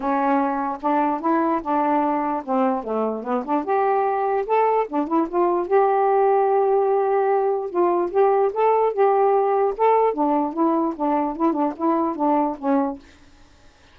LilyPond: \new Staff \with { instrumentName = "saxophone" } { \time 4/4 \tempo 4 = 148 cis'2 d'4 e'4 | d'2 c'4 a4 | b8 d'8 g'2 a'4 | d'8 e'8 f'4 g'2~ |
g'2. f'4 | g'4 a'4 g'2 | a'4 d'4 e'4 d'4 | e'8 d'8 e'4 d'4 cis'4 | }